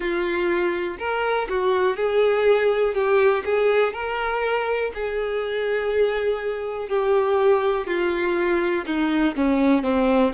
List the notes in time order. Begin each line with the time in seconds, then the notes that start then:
0.00 F4
0.98 A#4
1.49 F#4
1.96 G#4
2.94 G4
3.44 G#4
3.93 A#4
4.94 G#4
6.89 G4
7.86 F4
8.85 D#4
9.36 C#4
9.83 C4